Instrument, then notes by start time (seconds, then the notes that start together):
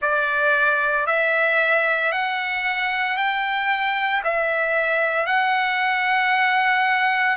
trumpet
0.01 D5
1.06 E5
2.11 F#5
3.16 G5
4.23 E5
5.26 F#5